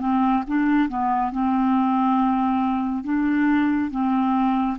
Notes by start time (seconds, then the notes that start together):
0.00 C4
0.47 D4
0.89 B3
1.32 C4
3.04 D4
3.91 C4